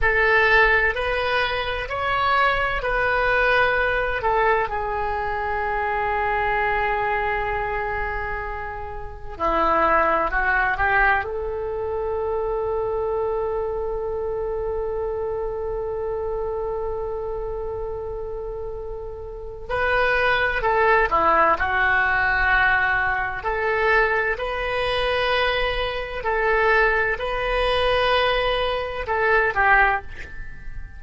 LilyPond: \new Staff \with { instrumentName = "oboe" } { \time 4/4 \tempo 4 = 64 a'4 b'4 cis''4 b'4~ | b'8 a'8 gis'2.~ | gis'2 e'4 fis'8 g'8 | a'1~ |
a'1~ | a'4 b'4 a'8 e'8 fis'4~ | fis'4 a'4 b'2 | a'4 b'2 a'8 g'8 | }